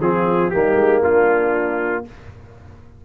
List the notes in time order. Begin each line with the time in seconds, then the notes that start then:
0.00 F3 C4 F4 G#4
0.50 G3 A#3 D#4 G4
0.75 G#3
1.02 A#3 D4 F4